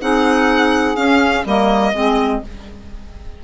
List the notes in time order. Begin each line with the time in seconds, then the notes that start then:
0.00 C4 D#4 G#4 F#5
0.96 C#4 F5
1.45 G3 A#3 A#4 D#5
1.93 G#3 C4 G#4